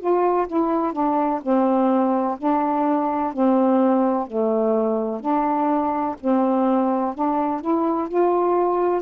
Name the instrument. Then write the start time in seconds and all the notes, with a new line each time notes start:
saxophone
0.00 F4
0.48 E4
0.93 D4
1.43 C4
2.39 D4
3.33 C4
4.27 A3
5.20 D4
6.20 C4
7.15 D4
7.61 E4
8.09 F4